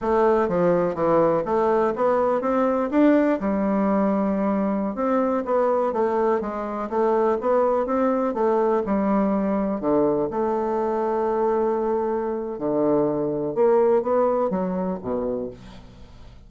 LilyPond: \new Staff \with { instrumentName = "bassoon" } { \time 4/4 \tempo 4 = 124 a4 f4 e4 a4 | b4 c'4 d'4 g4~ | g2~ g16 c'4 b8.~ | b16 a4 gis4 a4 b8.~ |
b16 c'4 a4 g4.~ g16~ | g16 d4 a2~ a8.~ | a2 d2 | ais4 b4 fis4 b,4 | }